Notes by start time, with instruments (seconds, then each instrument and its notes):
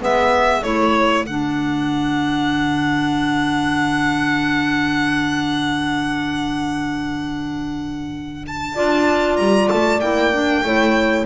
0.00 double bass G#3, clarinet B3, horn B4, violin E5
0.62 double bass A3, clarinet E4, horn A4, violin C#5
1.24 double bass D3, clarinet D4, violin F#5
8.47 violin A5
8.74 double bass D4, clarinet F4, horn D5
9.36 double bass G3, violin A#5
9.69 double bass A3, violin A5
10.00 double bass A#3, clarinet E4, violin G5
10.32 clarinet D4
10.63 double bass A3, clarinet E4, horn C#5